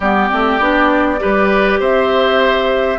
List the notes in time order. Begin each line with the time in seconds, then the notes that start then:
0.00 G3 B3 G4 D5
0.30 A3 C4
0.59 B3 D4
1.19 G3 G4 B4
1.79 C4 C5 E5